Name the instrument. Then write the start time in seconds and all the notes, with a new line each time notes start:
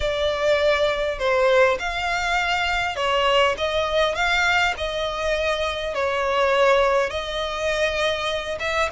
violin
0.00 D5
1.18 C5
1.79 F5
2.96 C#5
3.57 D#5
4.15 F5
4.77 D#5
5.94 C#5
7.10 D#5
8.59 E5